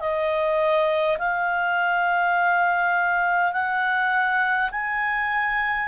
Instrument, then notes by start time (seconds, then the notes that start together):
clarinet
0.00 D#5
1.19 F5
3.52 F#5
4.72 G#5